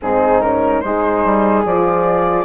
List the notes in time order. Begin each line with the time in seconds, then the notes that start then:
0.02 G#2 C4 D#4 G#4
0.41 C#4 A#4
0.80 G#3 D#4 G#4 C5
1.24 G3
1.65 F3 F4 D5